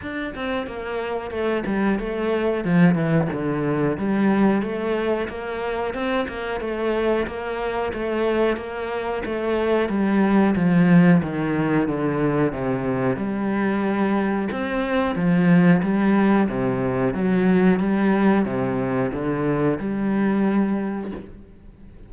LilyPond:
\new Staff \with { instrumentName = "cello" } { \time 4/4 \tempo 4 = 91 d'8 c'8 ais4 a8 g8 a4 | f8 e8 d4 g4 a4 | ais4 c'8 ais8 a4 ais4 | a4 ais4 a4 g4 |
f4 dis4 d4 c4 | g2 c'4 f4 | g4 c4 fis4 g4 | c4 d4 g2 | }